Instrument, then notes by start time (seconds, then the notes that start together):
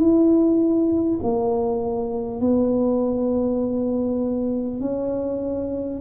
tuba
0.00 E4
1.23 A#3
2.41 B3
4.81 C#4